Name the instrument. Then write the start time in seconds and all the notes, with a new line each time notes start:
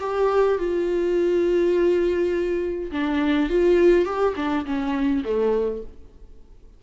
viola
0.00 G4
0.58 F4
2.92 D4
3.50 F4
4.05 G4
4.36 D4
4.65 C#4
5.24 A3